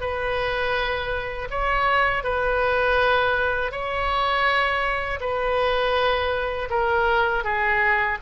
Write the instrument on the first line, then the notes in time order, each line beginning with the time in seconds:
oboe
0.00 B4
1.50 C#5
2.23 B4
3.71 C#5
5.20 B4
6.70 A#4
7.43 G#4